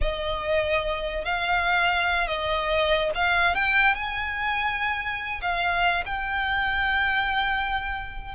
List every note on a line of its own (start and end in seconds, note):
0.01 1.24 D#5
1.24 2.27 F5
2.27 3.10 D#5
3.14 3.54 F5
3.54 3.95 G5
3.95 5.40 G#5
5.41 6.04 F5
6.05 8.34 G5